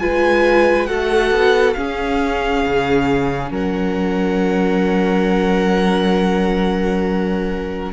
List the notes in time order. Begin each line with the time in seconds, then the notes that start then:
0.00 G#3 F4 B4 G#5
0.87 A3 F#4 A4 F#5
1.31 B3
1.73 C#4 G#4 F5
2.66 C#3
3.51 F#3 A#4 F#5